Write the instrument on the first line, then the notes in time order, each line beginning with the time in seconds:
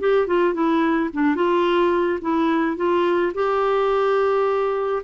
clarinet
0.00 G4
0.27 F4
0.54 E4
1.13 D4
1.36 F4
2.22 E4
2.77 F4
3.35 G4